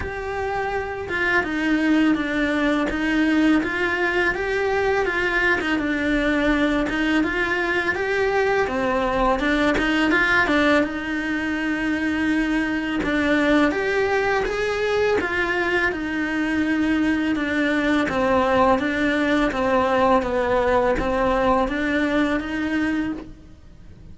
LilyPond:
\new Staff \with { instrumentName = "cello" } { \time 4/4 \tempo 4 = 83 g'4. f'8 dis'4 d'4 | dis'4 f'4 g'4 f'8. dis'16 | d'4. dis'8 f'4 g'4 | c'4 d'8 dis'8 f'8 d'8 dis'4~ |
dis'2 d'4 g'4 | gis'4 f'4 dis'2 | d'4 c'4 d'4 c'4 | b4 c'4 d'4 dis'4 | }